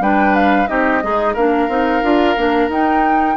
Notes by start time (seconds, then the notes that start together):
0.00 G3 D4 B4 G5
0.35 F5
0.67 C4 D#4 G4 D#5
1.02 G#3 D#4 G#4
1.34 A#3 D4 A#4 F5
1.69 C4 D#4
2.03 D4 F4
2.37 A#3 D4
2.68 D#4 G5